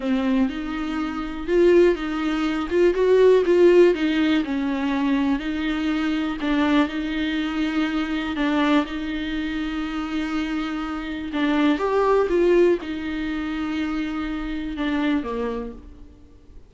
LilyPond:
\new Staff \with { instrumentName = "viola" } { \time 4/4 \tempo 4 = 122 c'4 dis'2 f'4 | dis'4. f'8 fis'4 f'4 | dis'4 cis'2 dis'4~ | dis'4 d'4 dis'2~ |
dis'4 d'4 dis'2~ | dis'2. d'4 | g'4 f'4 dis'2~ | dis'2 d'4 ais4 | }